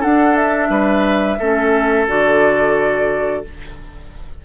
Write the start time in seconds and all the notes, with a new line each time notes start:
0.00 D4 A4 F#5
0.36 E5
0.70 G3 B4
1.39 A3 C#4 A4
2.08 D3 F#4 D5